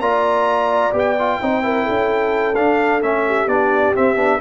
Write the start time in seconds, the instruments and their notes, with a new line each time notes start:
0.00 tuba A#3, trombone F4, horn D5, trumpet A#5
0.92 tuba B3, trombone G4
0.98 trumpet G5
1.18 trombone F4
1.41 tuba C4, trombone D#4, horn C5
1.62 trombone E4, horn A#4
1.84 tuba C#4, horn A4
2.55 trombone D4, tuba D4, trumpet F5
3.01 tuba A3, trombone C#4, trumpet E5
3.26 horn G4
3.47 tuba B3, trombone D4, trumpet D5
3.95 trombone C4, tuba C4, trumpet E5
4.16 tuba B3, trombone D4